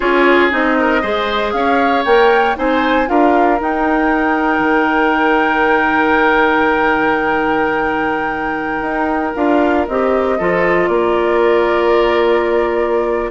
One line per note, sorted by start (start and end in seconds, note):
0.00 0.52 C#4
0.00 0.50 F4
0.00 0.76 G#4
0.00 0.47 C#5
0.50 1.03 C4
0.50 1.02 D#4
0.50 1.52 D#5
0.79 1.01 A#4
1.01 1.53 G#3
1.01 2.05 G#4
1.01 1.53 C5
1.52 2.05 C#4
1.52 2.58 C#5
1.52 2.03 F5
2.05 2.56 A#3
2.05 2.56 A#4
2.05 2.56 G5
2.56 3.09 C4
2.56 3.06 D#4
2.56 3.09 C5
2.56 3.08 G#5
3.06 3.60 D4
3.06 3.57 F4
3.06 10.38 A#4
3.06 3.59 F5
3.60 4.59 D#4
3.60 9.36 D#4
3.60 9.35 G5
4.59 8.81 D#3
8.81 9.32 D#4
9.35 9.87 D4
9.35 9.87 F4
9.35 9.86 F5
9.87 10.39 C4
9.87 10.39 G4
9.87 10.87 D#5
10.38 10.88 F3
10.38 13.30 F4
10.38 10.89 A4
10.87 13.30 A#3
10.87 13.30 A#4
10.87 13.30 D5